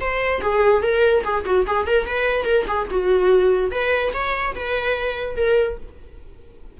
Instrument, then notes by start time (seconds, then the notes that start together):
viola
0.00 C5
0.41 G#4
0.82 A#4
1.24 G#4
1.45 F#4
1.66 G#4
1.87 A#4
2.06 B4
2.45 A#4
2.67 G#4
2.90 F#4
3.71 B4
4.13 C#5
4.55 B4
5.36 A#4